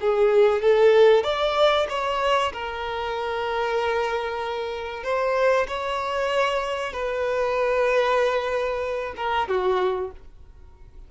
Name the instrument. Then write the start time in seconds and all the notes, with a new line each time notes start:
violin
0.00 G#4
0.61 A4
1.23 D5
1.89 C#5
2.52 A#4
5.03 C5
5.67 C#5
6.92 B4
9.16 A#4
9.48 F#4